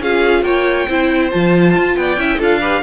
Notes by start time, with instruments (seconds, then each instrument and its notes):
0.00 cello C#4, viola F4, violin G#4 F5
0.42 cello A#3, violin C#5 G5
0.87 cello C4, viola E4, violin C5
1.31 cello F3, viola F4, violin A5
1.76 cello F4
1.97 cello B3, violin D5 G5
2.17 cello C#4, viola E4, violin E5
2.38 cello D4, viola F4, violin A4 F5
2.61 viola G4, violin B4